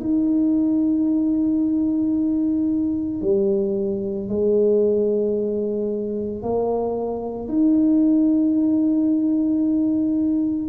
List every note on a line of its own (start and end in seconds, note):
0.00 3.21 D#4
3.21 4.29 G3
4.29 6.42 G#3
6.42 7.48 A#3
7.48 10.69 D#4